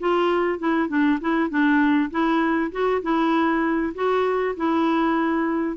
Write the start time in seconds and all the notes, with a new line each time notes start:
0.00 F4
0.59 E4
0.89 D4
1.21 E4
1.50 D4
2.11 E4
2.72 F#4
3.03 E4
3.95 F#4
4.57 E4